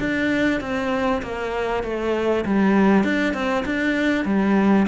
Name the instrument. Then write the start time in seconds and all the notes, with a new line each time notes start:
cello
0.00 D4
0.60 C4
1.22 A#3
1.84 A3
2.45 G3
3.04 D4
3.34 C4
3.65 D4
4.25 G3